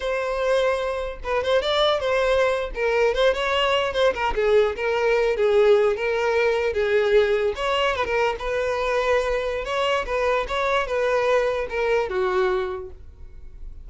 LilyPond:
\new Staff \with { instrumentName = "violin" } { \time 4/4 \tempo 4 = 149 c''2. b'8 c''8 | d''4 c''4.~ c''16 ais'4 c''16~ | c''16 cis''4. c''8 ais'8 gis'4 ais'16~ | ais'4~ ais'16 gis'4. ais'4~ ais'16~ |
ais'8. gis'2 cis''4 b'16 | ais'8. b'2.~ b'16 | cis''4 b'4 cis''4 b'4~ | b'4 ais'4 fis'2 | }